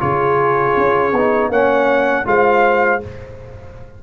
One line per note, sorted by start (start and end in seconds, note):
0.00 0.77 C#3
0.00 1.12 F4
0.00 1.51 G#4
0.00 1.51 C#5
0.77 1.12 C#4
1.12 1.50 B3
1.12 1.52 D#4
1.50 2.25 A#3
1.50 2.25 C#4
1.50 2.26 C#5
1.50 2.27 F#5
2.25 3.01 G#3
2.25 3.00 F4
2.25 3.03 C5
2.25 3.03 F5